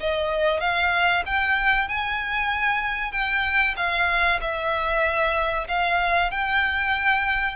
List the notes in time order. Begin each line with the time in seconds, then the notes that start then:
0.00 D#5
0.60 F5
1.26 G5
1.88 G#5
3.12 G5
3.77 F5
4.41 E5
5.68 F5
6.31 G5